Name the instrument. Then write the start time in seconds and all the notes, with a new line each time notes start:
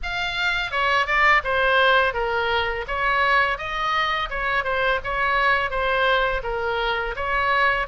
oboe
0.03 F5
0.71 C#5
1.06 D5
1.44 C5
2.13 A#4
2.87 C#5
3.57 D#5
4.30 C#5
4.64 C5
5.04 C#5
5.70 C5
6.43 A#4
7.16 C#5